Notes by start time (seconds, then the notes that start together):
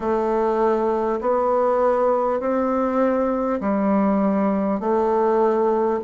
0.00 A3
1.21 B3
2.39 C4
3.60 G3
4.80 A3